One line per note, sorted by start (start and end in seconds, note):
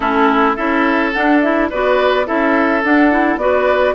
0.00 0.57 A3
0.00 0.56 C#4
0.00 0.55 E4
0.00 0.53 A4
0.55 1.14 C#4
0.55 1.13 E4
0.55 1.69 A4
0.55 1.12 E5
1.12 1.43 D4
1.12 1.71 D4
1.12 1.41 F#5
1.41 1.71 E4
1.41 1.69 E5
1.70 2.28 B3
1.70 2.25 F#4
1.70 2.26 B4
1.70 2.27 D5
2.25 2.83 C#4
2.25 2.81 E4
2.25 3.40 A4
2.25 2.83 E5
2.83 3.10 D4
2.83 3.37 D4
2.83 3.38 F#5
3.10 3.39 E4
3.37 3.93 B3
3.37 3.95 F#4
3.37 3.95 B4
3.37 3.94 D5